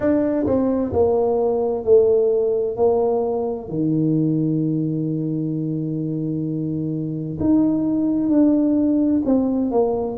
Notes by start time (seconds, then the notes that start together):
0.00 D4
0.46 C4
0.92 A#3
1.84 A3
2.76 A#3
3.68 D#3
7.40 D#4
8.29 D4
9.25 C4
9.71 A#3